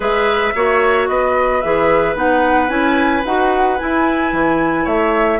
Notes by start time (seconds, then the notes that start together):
0.00 G#3 G#4 B4 E5
0.54 A#3 F#4 C#5
1.07 B3 B4 D#5
1.61 E3 G#4 E5
2.15 B3 D#4 F#5
2.68 C#4 E4 G#5
3.24 D#4 F#4 F#5
3.78 E4 G#5
4.32 E3
4.84 A3 C#5 E5